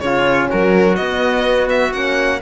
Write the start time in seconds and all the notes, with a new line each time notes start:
0.00 C#3 C#4 F4 C#5
0.50 F#3 F#4 A#4
0.96 B3 D#5
1.70 E5
1.93 A#3 C#4 F#5